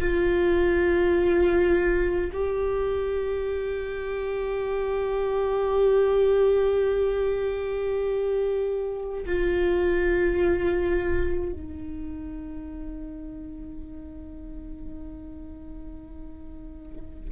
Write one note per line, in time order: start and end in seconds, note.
0.00 2.31 F4
2.32 9.25 G4
9.26 11.53 F4
11.53 17.30 D#4